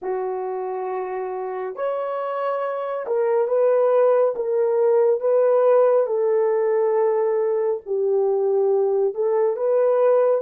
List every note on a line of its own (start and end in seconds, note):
0.02 1.75 F#4
1.75 3.06 C#5
3.07 3.47 A#4
3.47 4.34 B4
4.35 5.20 A#4
5.20 6.06 B4
6.06 7.80 A4
7.85 9.14 G4
9.14 9.56 A4
9.56 10.41 B4